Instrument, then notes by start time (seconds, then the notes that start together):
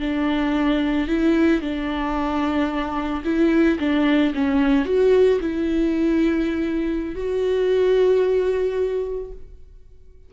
viola
0.00 D4
1.07 E4
1.61 D4
3.24 E4
3.79 D4
4.34 C#4
4.85 F#4
5.40 E4
7.15 F#4